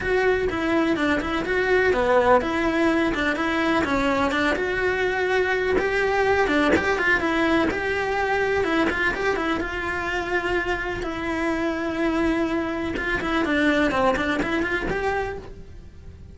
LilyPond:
\new Staff \with { instrumentName = "cello" } { \time 4/4 \tempo 4 = 125 fis'4 e'4 d'8 e'8 fis'4 | b4 e'4. d'8 e'4 | cis'4 d'8 fis'2~ fis'8 | g'4. d'8 g'8 f'8 e'4 |
g'2 e'8 f'8 g'8 e'8 | f'2. e'4~ | e'2. f'8 e'8 | d'4 c'8 d'8 e'8 f'8 g'4 | }